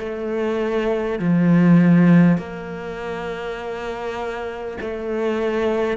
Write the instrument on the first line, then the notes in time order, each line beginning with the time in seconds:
cello
0.00 A3
1.19 F3
2.38 A#3
4.82 A3